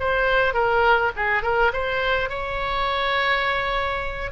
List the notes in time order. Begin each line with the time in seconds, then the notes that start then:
0.00 C5
0.54 A#4
1.17 G#4
1.43 A#4
1.73 C5
2.30 C#5